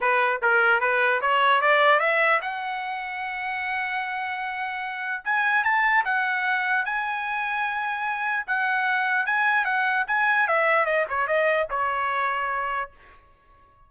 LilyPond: \new Staff \with { instrumentName = "trumpet" } { \time 4/4 \tempo 4 = 149 b'4 ais'4 b'4 cis''4 | d''4 e''4 fis''2~ | fis''1~ | fis''4 gis''4 a''4 fis''4~ |
fis''4 gis''2.~ | gis''4 fis''2 gis''4 | fis''4 gis''4 e''4 dis''8 cis''8 | dis''4 cis''2. | }